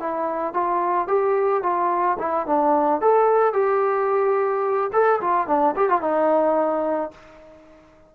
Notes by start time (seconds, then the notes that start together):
0.00 E4
0.54 F4
1.08 G4
1.63 F4
2.19 E4
2.46 D4
3.01 A4
3.53 G4
4.93 A4
5.21 F4
5.47 D4
5.76 G4
5.89 F4
6.01 D#4